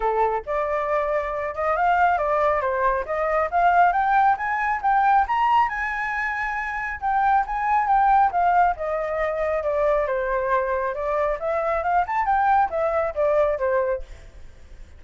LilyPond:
\new Staff \with { instrumentName = "flute" } { \time 4/4 \tempo 4 = 137 a'4 d''2~ d''8 dis''8 | f''4 d''4 c''4 dis''4 | f''4 g''4 gis''4 g''4 | ais''4 gis''2. |
g''4 gis''4 g''4 f''4 | dis''2 d''4 c''4~ | c''4 d''4 e''4 f''8 a''8 | g''4 e''4 d''4 c''4 | }